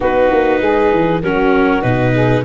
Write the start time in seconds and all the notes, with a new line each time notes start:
0.00 B3 D#4 F#4 B4
0.31 A#3
0.60 G#3 G#4
0.92 E3
1.22 F#3 C#4 F#4 A#4
1.82 B2 D#4 B4
2.13 G#4